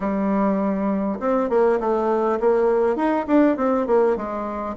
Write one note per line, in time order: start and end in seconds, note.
0.00 1.19 G3
1.19 1.49 C4
1.49 1.79 A#3
1.80 2.39 A3
2.40 2.95 A#3
2.95 3.25 D#4
3.27 3.56 D4
3.56 3.86 C4
3.86 4.16 A#3
4.16 4.75 G#3